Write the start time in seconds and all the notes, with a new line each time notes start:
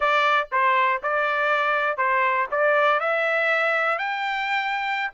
0.00 D5
0.51 C5
1.02 D5
1.97 C5
2.51 D5
3.00 E5
3.98 G5